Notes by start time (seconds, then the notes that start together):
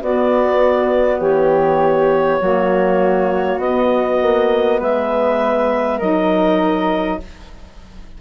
0.00 B3 F#4 D5
1.20 E3 G4 C#5
2.40 F#3 A#3 F#4
3.57 B3 D#5
4.21 A#3
4.78 G#3 B4 E5
5.98 F#3 D#4 A#4 D#5